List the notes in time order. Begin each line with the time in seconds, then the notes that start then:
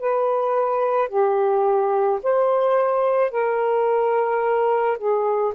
0.00 B4
1.09 G4
2.23 C5
3.31 A#4
4.98 G#4